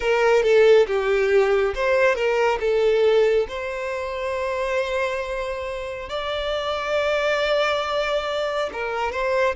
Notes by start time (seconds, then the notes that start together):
0.00 A#4
0.42 A4
0.87 G4
1.74 C5
2.15 A#4
2.59 A4
3.48 C5
6.09 D5
8.72 A#4
9.11 C5